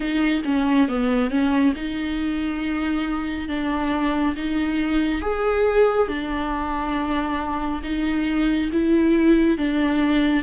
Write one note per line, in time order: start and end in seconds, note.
0.00 0.42 D#4
0.44 0.88 C#4
0.88 1.30 B3
1.30 1.74 C#4
1.75 3.48 D#4
3.48 4.35 D4
4.36 5.21 D#4
5.21 6.08 G#4
6.08 7.81 D4
7.83 8.70 D#4
8.72 9.57 E4
9.57 10.43 D4